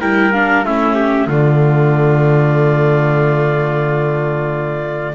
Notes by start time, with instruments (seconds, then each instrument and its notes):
0.00 double bass G3, viola E4, trumpet A#4, clarinet G5
0.32 viola D4, clarinet F5
0.63 double bass A3, viola C#4, trumpet E4, clarinet E5
0.95 trumpet G4
1.26 double bass D3, viola A3, trumpet F4, clarinet D5